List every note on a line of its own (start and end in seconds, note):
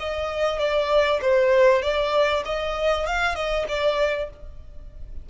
0.00 0.59 D#5
0.59 1.21 D5
1.22 1.82 C5
1.82 2.44 D5
2.45 3.07 D#5
3.07 3.36 F5
3.36 3.66 D#5
3.69 4.30 D5